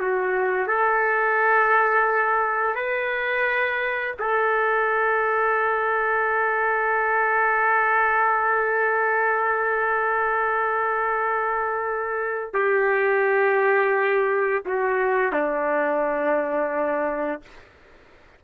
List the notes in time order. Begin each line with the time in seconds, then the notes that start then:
0.00 F#4
0.68 A4
2.76 B4
4.20 A4
12.54 G4
14.66 F#4
15.33 D4